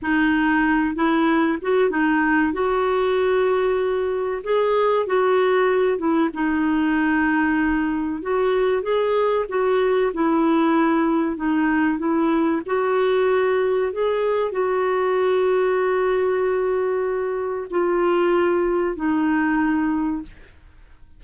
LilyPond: \new Staff \with { instrumentName = "clarinet" } { \time 4/4 \tempo 4 = 95 dis'4. e'4 fis'8 dis'4 | fis'2. gis'4 | fis'4. e'8 dis'2~ | dis'4 fis'4 gis'4 fis'4 |
e'2 dis'4 e'4 | fis'2 gis'4 fis'4~ | fis'1 | f'2 dis'2 | }